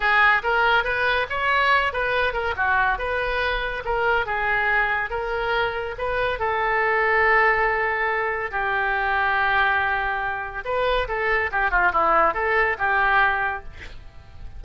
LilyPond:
\new Staff \with { instrumentName = "oboe" } { \time 4/4 \tempo 4 = 141 gis'4 ais'4 b'4 cis''4~ | cis''8 b'4 ais'8 fis'4 b'4~ | b'4 ais'4 gis'2 | ais'2 b'4 a'4~ |
a'1 | g'1~ | g'4 b'4 a'4 g'8 f'8 | e'4 a'4 g'2 | }